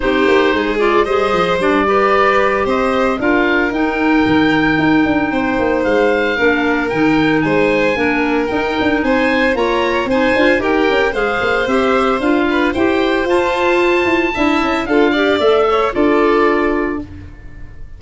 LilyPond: <<
  \new Staff \with { instrumentName = "oboe" } { \time 4/4 \tempo 4 = 113 c''4. d''8 dis''4 d''4~ | d''4 dis''4 f''4 g''4~ | g''2. f''4~ | f''4 g''4 gis''2 |
g''4 gis''4 ais''4 gis''4 | g''4 f''4 e''4 f''4 | g''4 a''2. | f''4 e''4 d''2 | }
  \new Staff \with { instrumentName = "violin" } { \time 4/4 g'4 gis'4 c''4. b'8~ | b'4 c''4 ais'2~ | ais'2 c''2 | ais'2 c''4 ais'4~ |
ais'4 c''4 cis''4 c''4 | ais'4 c''2~ c''8 b'8 | c''2. e''4 | a'8 d''4 cis''8 a'2 | }
  \new Staff \with { instrumentName = "clarinet" } { \time 4/4 dis'4. f'8 gis'4 d'8 g'8~ | g'2 f'4 dis'4~ | dis'1 | d'4 dis'2 d'4 |
dis'2 f'4 dis'8 f'8 | g'4 gis'4 g'4 f'4 | g'4 f'2 e'4 | f'8 g'8 a'4 f'2 | }
  \new Staff \with { instrumentName = "tuba" } { \time 4/4 c'8 ais8 gis4 g8 f8 g4~ | g4 c'4 d'4 dis'4 | dis4 dis'8 d'8 c'8 ais8 gis4 | ais4 dis4 gis4 ais4 |
dis'8 d'8 c'4 ais4 c'8 d'8 | dis'8 cis'8 gis8 ais8 c'4 d'4 | e'4 f'4. e'8 d'8 cis'8 | d'4 a4 d'2 | }
>>